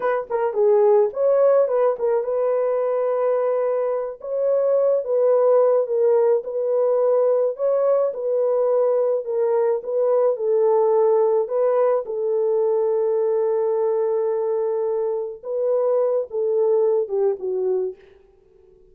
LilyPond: \new Staff \with { instrumentName = "horn" } { \time 4/4 \tempo 4 = 107 b'8 ais'8 gis'4 cis''4 b'8 ais'8 | b'2.~ b'8 cis''8~ | cis''4 b'4. ais'4 b'8~ | b'4. cis''4 b'4.~ |
b'8 ais'4 b'4 a'4.~ | a'8 b'4 a'2~ a'8~ | a'2.~ a'8 b'8~ | b'4 a'4. g'8 fis'4 | }